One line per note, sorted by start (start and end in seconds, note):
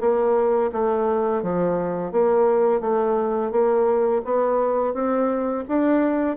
0.00 0.71 A#3
0.72 1.42 A3
1.42 2.11 F3
2.11 2.80 A#3
2.80 3.51 A3
3.51 4.21 A#3
4.24 4.93 B3
4.93 5.64 C4
5.68 6.36 D4